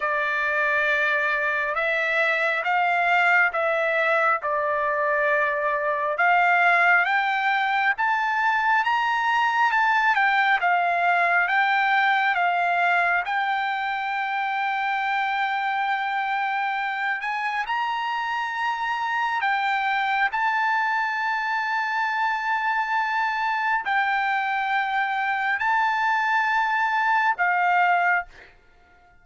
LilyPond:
\new Staff \with { instrumentName = "trumpet" } { \time 4/4 \tempo 4 = 68 d''2 e''4 f''4 | e''4 d''2 f''4 | g''4 a''4 ais''4 a''8 g''8 | f''4 g''4 f''4 g''4~ |
g''2.~ g''8 gis''8 | ais''2 g''4 a''4~ | a''2. g''4~ | g''4 a''2 f''4 | }